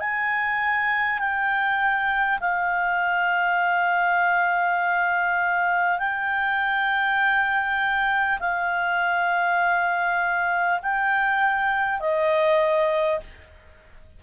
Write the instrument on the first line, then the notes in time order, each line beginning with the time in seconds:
clarinet
0.00 G#5
1.19 G5
2.41 F5
5.99 G5
8.39 F5
10.83 G5
12.00 D#5